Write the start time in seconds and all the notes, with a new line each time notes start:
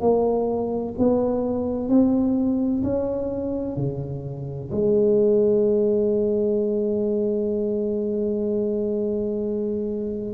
0.00 A#3
0.98 B3
1.88 C4
2.83 C#4
3.76 C#3
4.71 G#3